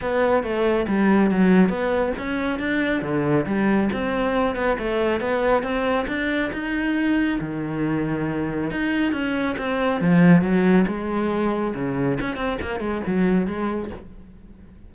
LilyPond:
\new Staff \with { instrumentName = "cello" } { \time 4/4 \tempo 4 = 138 b4 a4 g4 fis4 | b4 cis'4 d'4 d4 | g4 c'4. b8 a4 | b4 c'4 d'4 dis'4~ |
dis'4 dis2. | dis'4 cis'4 c'4 f4 | fis4 gis2 cis4 | cis'8 c'8 ais8 gis8 fis4 gis4 | }